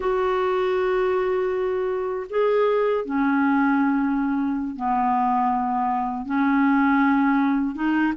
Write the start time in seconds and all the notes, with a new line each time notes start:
0.00 F#4
2.29 G#4
3.05 C#4
4.76 B3
6.25 C#4
7.75 D#4